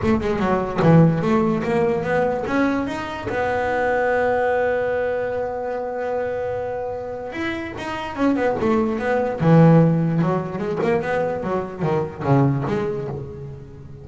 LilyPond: \new Staff \with { instrumentName = "double bass" } { \time 4/4 \tempo 4 = 147 a8 gis8 fis4 e4 a4 | ais4 b4 cis'4 dis'4 | b1~ | b1~ |
b2 e'4 dis'4 | cis'8 b8 a4 b4 e4~ | e4 fis4 gis8 ais8 b4 | fis4 dis4 cis4 gis4 | }